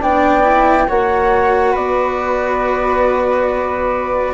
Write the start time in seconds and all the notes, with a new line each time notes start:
0.00 B3 D4 D5 G5
0.43 E4
0.87 A#3 F#4 C#5 F#5
1.72 B3 B4 D5